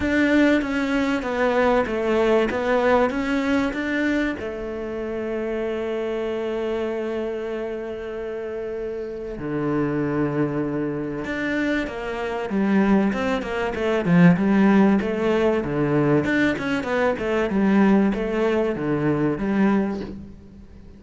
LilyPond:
\new Staff \with { instrumentName = "cello" } { \time 4/4 \tempo 4 = 96 d'4 cis'4 b4 a4 | b4 cis'4 d'4 a4~ | a1~ | a2. d4~ |
d2 d'4 ais4 | g4 c'8 ais8 a8 f8 g4 | a4 d4 d'8 cis'8 b8 a8 | g4 a4 d4 g4 | }